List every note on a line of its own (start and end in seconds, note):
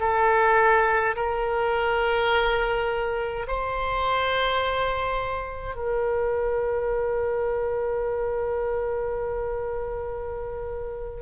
0.00 1.15 A4
1.16 3.47 A#4
3.48 5.76 C5
5.76 11.22 A#4